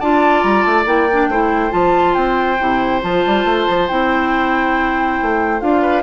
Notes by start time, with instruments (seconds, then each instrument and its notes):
0.00 bassoon D4, clarinet F4, oboe D5, flute A5
0.43 bassoon G3, flute A#5
0.63 bassoon A3, flute A5
0.85 bassoon A#3, clarinet E4, flute G5
1.12 clarinet D4
1.28 bassoon A3, clarinet E4, oboe C5
1.70 bassoon F3, clarinet F4, flute A5
2.14 bassoon C4, flute G5
2.60 bassoon C3, clarinet E4
3.02 bassoon F3, clarinet F4, flute A5
3.26 bassoon G3
3.45 bassoon A3
3.68 bassoon F3
3.88 bassoon C4, clarinet E4, flute G5
5.22 bassoon A3
5.60 bassoon D4, clarinet F4, flute F5
5.82 oboe B4